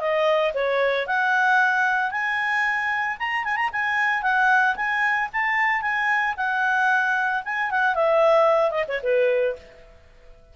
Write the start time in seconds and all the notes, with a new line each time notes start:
0.00 D#5
0.54 C#5
1.07 F#5
2.11 G#5
3.19 A#5
3.44 G#5
3.56 A#5
3.73 G#5
4.23 F#5
4.76 G#5
5.33 A5
5.82 G#5
6.37 F#5
7.45 G#5
7.71 F#5
7.95 E5
8.71 D#5
8.88 C#5
9.03 B4